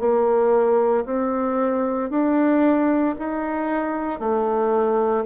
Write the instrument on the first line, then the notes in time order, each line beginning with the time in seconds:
bassoon
0.00 A#3
1.06 C4
2.11 D4
3.19 D#4
4.20 A3